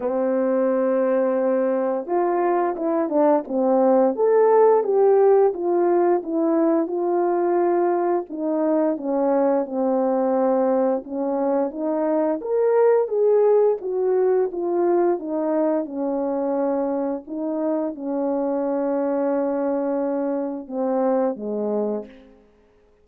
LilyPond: \new Staff \with { instrumentName = "horn" } { \time 4/4 \tempo 4 = 87 c'2. f'4 | e'8 d'8 c'4 a'4 g'4 | f'4 e'4 f'2 | dis'4 cis'4 c'2 |
cis'4 dis'4 ais'4 gis'4 | fis'4 f'4 dis'4 cis'4~ | cis'4 dis'4 cis'2~ | cis'2 c'4 gis4 | }